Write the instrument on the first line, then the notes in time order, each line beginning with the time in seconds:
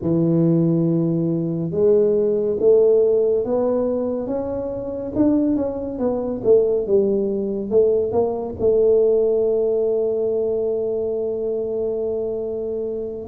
tuba
0.01 E3
1.71 G#3
2.59 A3
3.44 B3
4.26 C#4
5.15 D4
5.56 C#4
5.98 B3
6.44 A3
6.86 G3
7.70 A3
8.12 A#3
8.59 A3